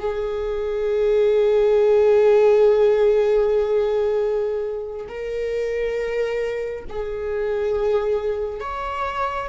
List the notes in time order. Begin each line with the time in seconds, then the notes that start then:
0.00 G#4
5.09 A#4
6.89 G#4
8.61 C#5